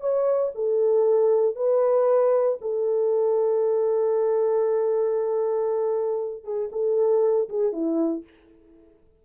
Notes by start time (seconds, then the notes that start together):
0.00 C#5
0.55 A4
1.55 B4
2.61 A4
6.44 G#4
6.72 A4
7.49 G#4
7.72 E4